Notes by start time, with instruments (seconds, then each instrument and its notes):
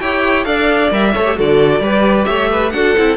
0.00 cello E4, viola G4, violin C#5 G5
0.45 cello D4, viola A4, violin D5 F5
0.92 cello G3, viola A#4, violin E5
1.14 cello A3, viola A4, violin C#5
1.26 viola G4
1.36 cello D3, viola F#4, violin A4 D5
1.80 cello G3, viola G4, violin B4
2.25 cello A3, violin C#5 E5
2.51 violin B4
2.71 cello D4, viola F#4, violin A4 F#5
2.97 cello C4, viola E4